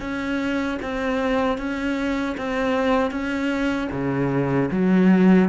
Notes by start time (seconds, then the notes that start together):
0.00 C#4
0.82 C4
1.58 C#4
2.37 C4
3.11 C#4
3.91 C#3
4.71 F#3